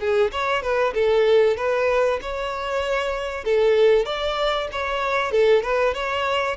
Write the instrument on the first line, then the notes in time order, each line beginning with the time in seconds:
violin
0.00 G#4
0.32 C#5
0.62 B4
0.94 A4
1.57 B4
2.21 C#5
3.44 A4
4.05 D5
4.72 C#5
5.31 A4
5.62 B4
5.94 C#5